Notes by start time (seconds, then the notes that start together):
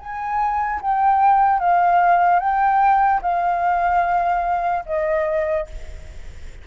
0.00 G#5
0.82 G5
1.60 F5
2.40 G5
3.22 F5
4.86 D#5